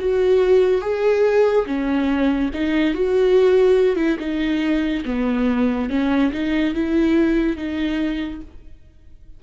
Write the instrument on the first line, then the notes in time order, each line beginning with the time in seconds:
viola
0.00 F#4
0.81 G#4
1.67 C#4
2.54 D#4
2.94 F#4
3.96 E4
4.20 D#4
5.06 B3
5.90 C#4
6.33 D#4
6.75 E4
7.57 D#4